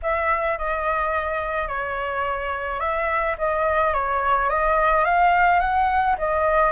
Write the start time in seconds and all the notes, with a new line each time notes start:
0.02 E5
0.58 D#5
1.68 C#5
2.79 E5
3.37 D#5
3.93 C#5
4.49 D#5
5.04 F5
5.59 F#5
6.18 D#5